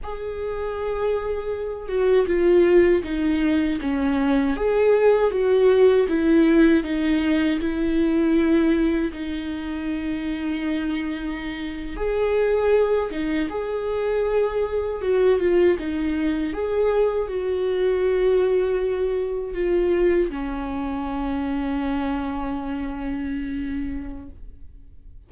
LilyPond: \new Staff \with { instrumentName = "viola" } { \time 4/4 \tempo 4 = 79 gis'2~ gis'8 fis'8 f'4 | dis'4 cis'4 gis'4 fis'4 | e'4 dis'4 e'2 | dis'2.~ dis'8. gis'16~ |
gis'4~ gis'16 dis'8 gis'2 fis'16~ | fis'16 f'8 dis'4 gis'4 fis'4~ fis'16~ | fis'4.~ fis'16 f'4 cis'4~ cis'16~ | cis'1 | }